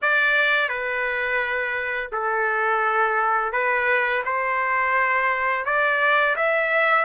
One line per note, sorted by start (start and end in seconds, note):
0.02 0.69 D5
0.69 2.10 B4
2.12 3.52 A4
3.52 4.23 B4
4.24 5.65 C5
5.65 6.35 D5
6.36 7.05 E5